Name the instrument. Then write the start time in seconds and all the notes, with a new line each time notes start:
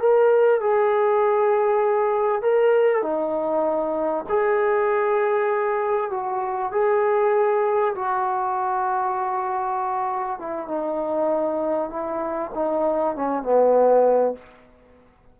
trombone
0.00 A#4
0.61 G#4
2.42 A#4
3.03 D#4
4.29 G#4
6.11 F#4
6.72 G#4
7.95 F#4
10.40 E4
10.68 D#4
11.90 E4
12.55 D#4
13.16 C#4
13.43 B3